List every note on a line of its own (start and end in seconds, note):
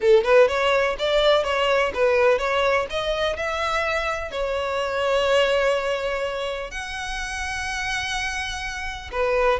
0.00 0.24 A4
0.24 0.48 B4
0.48 0.96 C#5
0.98 1.43 D5
1.43 1.91 C#5
1.94 2.38 B4
2.38 2.86 C#5
2.89 3.36 D#5
3.36 4.31 E5
4.31 6.70 C#5
6.70 9.10 F#5
9.11 9.59 B4